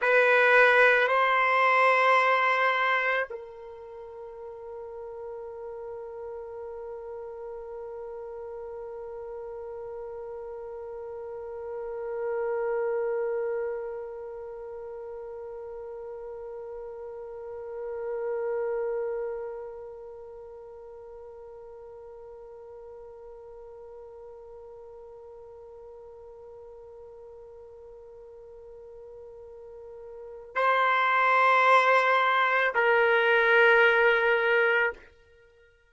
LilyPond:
\new Staff \with { instrumentName = "trumpet" } { \time 4/4 \tempo 4 = 55 b'4 c''2 ais'4~ | ais'1~ | ais'1~ | ais'1~ |
ais'1~ | ais'1~ | ais'1 | c''2 ais'2 | }